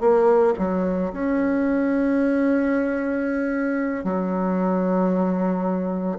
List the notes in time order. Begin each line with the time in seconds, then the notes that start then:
0.00 A#3
0.58 F#3
1.12 C#4
4.04 F#3